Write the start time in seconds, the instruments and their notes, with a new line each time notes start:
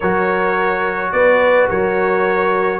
0.00 tuba F#3, trombone F#4, horn A#4, trumpet C#5
1.12 tuba B3, horn B4, trumpet D5
1.69 tuba F#3, horn A#4, trumpet C#5